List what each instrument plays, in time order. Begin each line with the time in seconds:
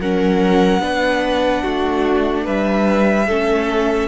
0.00 cello F#3, viola C#4, violin A#4 F#5
0.80 cello B3, viola D4, violin B4
1.63 cello A3, violin F#4
2.44 cello G3, violin B4 E5
3.27 cello A3, viola C#4, violin A4